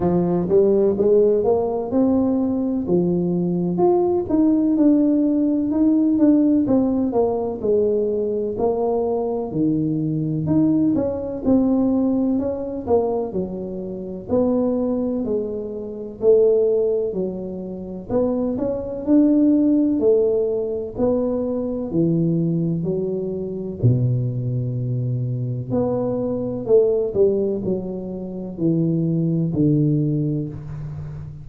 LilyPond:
\new Staff \with { instrumentName = "tuba" } { \time 4/4 \tempo 4 = 63 f8 g8 gis8 ais8 c'4 f4 | f'8 dis'8 d'4 dis'8 d'8 c'8 ais8 | gis4 ais4 dis4 dis'8 cis'8 | c'4 cis'8 ais8 fis4 b4 |
gis4 a4 fis4 b8 cis'8 | d'4 a4 b4 e4 | fis4 b,2 b4 | a8 g8 fis4 e4 d4 | }